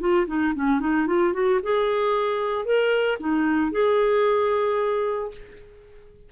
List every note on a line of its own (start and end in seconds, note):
0.00 0.27 F4
0.27 0.54 D#4
0.55 0.80 C#4
0.80 1.07 D#4
1.07 1.33 F4
1.33 1.60 F#4
1.63 2.65 G#4
2.65 3.18 A#4
3.20 3.72 D#4
3.72 5.31 G#4